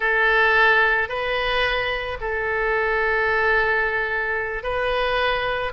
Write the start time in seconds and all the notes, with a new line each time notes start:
0.00 A4
1.09 B4
2.20 A4
4.63 B4